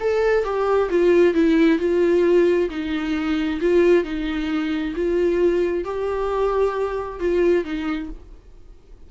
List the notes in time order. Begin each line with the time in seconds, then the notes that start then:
0.00 A4
0.44 G4
0.90 F4
1.34 E4
1.79 F4
2.70 D#4
3.61 F4
4.04 D#4
4.96 F4
5.84 G4
7.20 F4
7.64 D#4